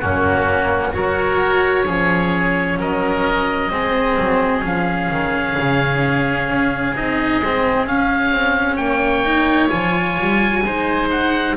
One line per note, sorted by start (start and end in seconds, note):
0.00 0.95 F#2
0.00 0.92 A#3
0.00 0.94 C#4
0.00 0.92 F#4
0.92 1.88 F#3
0.92 1.85 F#4
0.92 1.86 A#4
0.92 2.79 C#5
1.86 2.78 F3
1.86 3.71 C#4
1.86 2.78 G#4
2.78 3.70 F#3
2.78 3.72 A#4
2.78 4.65 D#5
3.71 4.17 G#3
3.71 4.62 C4
3.71 8.79 G#4
4.19 4.64 F#3
4.62 5.10 F3
4.62 6.93 C#4
4.62 6.96 F5
5.11 5.57 D#3
5.58 6.49 C#3
6.49 6.95 C#4
6.96 7.42 C4
6.96 7.42 D#4
6.96 7.87 D#5
7.42 7.86 G#3
7.42 7.87 C4
7.86 8.32 C#4
7.86 9.24 C#4
7.86 8.76 F5
8.32 8.78 C4
8.76 9.70 A#3
8.76 10.64 C#5
8.76 9.69 G5
9.24 9.69 D#4
9.69 10.19 F3
9.69 10.62 F4
9.69 11.09 G#5
10.21 10.65 G3
10.65 11.57 G#3
10.65 11.57 D#4
10.65 11.57 C5
11.10 11.57 F#5